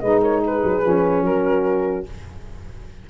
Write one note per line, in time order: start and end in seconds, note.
0.00 0.63 G#3
0.00 0.83 D#4
0.00 0.22 B4
0.00 0.20 D#5
0.22 0.43 A#4
0.22 0.43 C#5
0.46 1.28 G#4
0.46 1.25 B4
0.65 0.85 F#3
0.83 1.23 F3
0.83 2.06 C#4
1.23 2.04 F#3
1.23 2.10 F#4
1.23 2.06 A#4